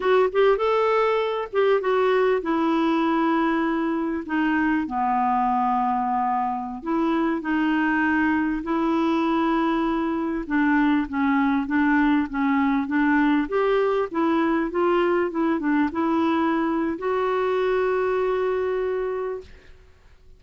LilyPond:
\new Staff \with { instrumentName = "clarinet" } { \time 4/4 \tempo 4 = 99 fis'8 g'8 a'4. g'8 fis'4 | e'2. dis'4 | b2.~ b16 e'8.~ | e'16 dis'2 e'4.~ e'16~ |
e'4~ e'16 d'4 cis'4 d'8.~ | d'16 cis'4 d'4 g'4 e'8.~ | e'16 f'4 e'8 d'8 e'4.~ e'16 | fis'1 | }